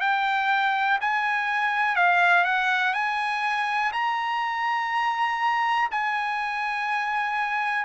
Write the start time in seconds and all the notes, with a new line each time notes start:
0.00 G5
1.01 G#5
1.95 F5
2.44 F#5
2.93 G#5
3.93 A#5
5.91 G#5